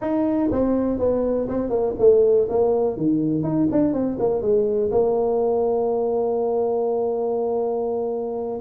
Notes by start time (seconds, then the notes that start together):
0.01 D#4
0.51 C4
0.99 B3
1.48 C4
1.69 A#3
1.99 A3
2.49 A#3
2.96 D#3
3.43 D#4
3.71 D4
3.93 C4
4.19 A#3
4.42 G#3
4.91 A#3